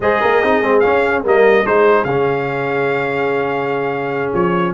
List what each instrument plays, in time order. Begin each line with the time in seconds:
0.00 tuba G#3, trombone G#4, horn C5, trumpet D#5
0.21 tuba A#3, horn A#4
0.41 tuba C4, trombone D#4, horn G#4
0.62 tuba G#3, trombone C4
0.80 trombone C#4, tuba C#4, trumpet F5
1.23 tuba G3, trombone A#3, horn A#4, trumpet D#5
1.65 tuba G#3, trombone D#4, horn G#4, trumpet C5
2.04 tuba C#3, trombone C#4, trumpet F5
4.33 tuba F3, trumpet C#5